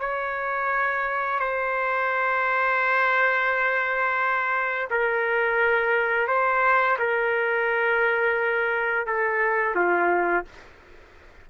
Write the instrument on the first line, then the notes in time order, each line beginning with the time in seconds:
trumpet
0.00 C#5
1.40 C5
4.90 A#4
6.28 C5
6.99 A#4
9.06 A4
9.75 F4